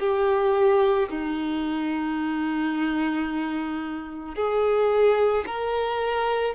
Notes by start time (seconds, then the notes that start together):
0.00 G4
1.09 D#4
4.35 G#4
5.46 A#4